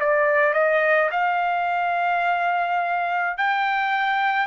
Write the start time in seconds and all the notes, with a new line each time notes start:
0.00 D5
0.54 D#5
1.12 F5
3.38 G5